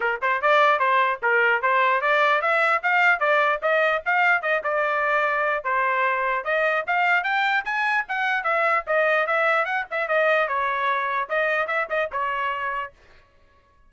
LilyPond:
\new Staff \with { instrumentName = "trumpet" } { \time 4/4 \tempo 4 = 149 ais'8 c''8 d''4 c''4 ais'4 | c''4 d''4 e''4 f''4 | d''4 dis''4 f''4 dis''8 d''8~ | d''2 c''2 |
dis''4 f''4 g''4 gis''4 | fis''4 e''4 dis''4 e''4 | fis''8 e''8 dis''4 cis''2 | dis''4 e''8 dis''8 cis''2 | }